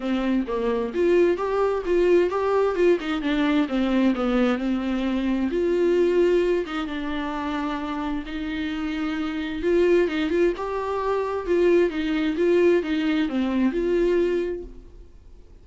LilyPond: \new Staff \with { instrumentName = "viola" } { \time 4/4 \tempo 4 = 131 c'4 ais4 f'4 g'4 | f'4 g'4 f'8 dis'8 d'4 | c'4 b4 c'2 | f'2~ f'8 dis'8 d'4~ |
d'2 dis'2~ | dis'4 f'4 dis'8 f'8 g'4~ | g'4 f'4 dis'4 f'4 | dis'4 c'4 f'2 | }